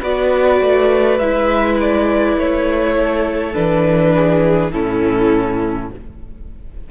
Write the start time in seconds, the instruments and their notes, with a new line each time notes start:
0.00 cello B3, viola F#4, violin B4 D5
0.61 cello A3
1.19 cello G#3, viola E4, violin E5
1.80 violin D5
2.37 cello A3, violin C#5
2.98 violin A4
3.54 cello E3, viola D4, violin B4
4.15 violin G#4
4.71 cello A2, viola C#4, violin E4 A4